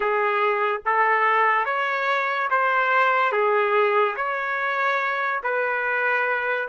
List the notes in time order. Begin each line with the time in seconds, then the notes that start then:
0.00 G#4
0.85 A4
1.65 C#5
2.50 C5
3.31 G#4
4.16 C#5
5.43 B4